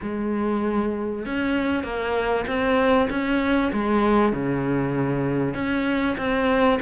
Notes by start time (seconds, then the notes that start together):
0.02 G#3
1.25 C#4
1.83 A#3
2.47 C4
3.09 C#4
3.73 G#3
4.32 C#3
5.54 C#4
6.17 C4